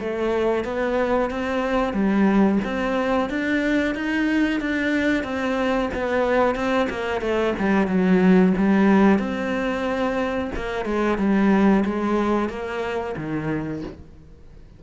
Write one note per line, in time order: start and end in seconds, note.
0.00 0.64 A3
0.64 1.30 B3
1.30 1.93 C4
1.93 2.59 G3
2.64 3.29 C4
3.29 3.95 D4
3.95 4.61 D#4
4.61 5.24 D4
5.24 5.90 C4
5.94 6.55 B3
6.55 6.88 C4
6.90 7.21 A#3
7.21 7.54 A3
7.59 7.87 G3
7.87 8.53 F#3
8.57 9.19 G3
9.19 10.51 C4
10.56 10.85 A#3
10.85 11.18 G#3
11.18 11.84 G3
11.85 12.49 G#3
12.49 13.15 A#3
13.17 13.83 D#3